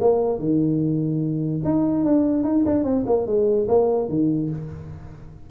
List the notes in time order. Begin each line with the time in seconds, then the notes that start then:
0.00 A#3
0.39 D#3
1.64 D#4
2.04 D4
2.43 D#4
2.65 D4
2.84 C4
3.06 A#3
3.26 G#3
3.68 A#3
4.09 D#3